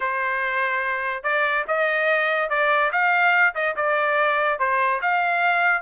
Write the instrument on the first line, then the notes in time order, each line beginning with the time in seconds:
trumpet
0.00 C5
1.23 D5
1.67 D#5
2.49 D5
2.91 F5
3.54 D#5
3.75 D5
4.59 C5
5.01 F5